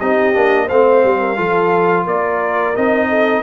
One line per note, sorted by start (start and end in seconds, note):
0.00 0.36 C4
0.00 0.35 D#4
0.00 0.66 G4
0.00 0.69 D#5
0.35 0.71 A#3
0.35 0.69 D4
0.66 1.04 A3
0.66 1.37 C4
0.66 1.18 C5
0.66 2.07 F5
1.04 1.38 G3
1.20 1.37 A#4
1.37 2.07 F3
1.37 2.75 F4
1.37 2.04 A4
2.04 2.76 A#3
2.04 3.08 A#4
2.04 2.76 D5
2.76 3.43 C4
2.76 3.43 D#4
2.76 3.43 D#5
3.09 3.43 A4